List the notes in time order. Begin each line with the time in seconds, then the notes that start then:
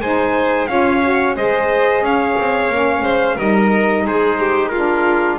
0.00 G#3 D#4 C5 G#5
0.67 C#4 F4 C#5 F5
1.02 F#4
1.36 G#3 G#4 C5 D#5
2.01 C#4 C#5 F5
2.38 C4
2.69 A#3 C#4
3.02 G#3 C5
3.36 G3 D#4 A#4 D#5
4.05 G#3 G#4 C5
4.39 G4
4.68 D4 F4 A#4